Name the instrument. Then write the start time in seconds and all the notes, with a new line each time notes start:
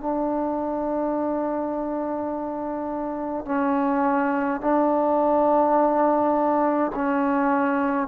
trombone
0.00 D4
3.45 C#4
4.60 D4
6.95 C#4